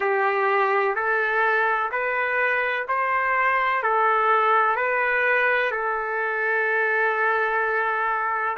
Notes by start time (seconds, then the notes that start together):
0.00 G4
0.95 A4
1.91 B4
2.88 C5
3.83 A4
4.76 B4
5.71 A4